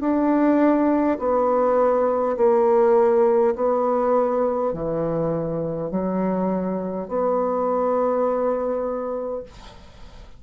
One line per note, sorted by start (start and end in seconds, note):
0.00 1.18 D4
1.19 2.36 B3
2.37 3.55 A#3
3.55 4.73 B3
4.73 5.90 E3
5.90 7.07 F#3
7.07 9.43 B3